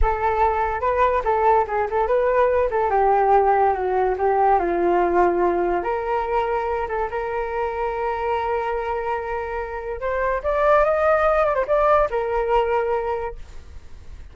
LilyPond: \new Staff \with { instrumentName = "flute" } { \time 4/4 \tempo 4 = 144 a'2 b'4 a'4 | gis'8 a'8 b'4. a'8 g'4~ | g'4 fis'4 g'4 f'4~ | f'2 ais'2~ |
ais'8 a'8 ais'2.~ | ais'1 | c''4 d''4 dis''4. d''16 c''16 | d''4 ais'2. | }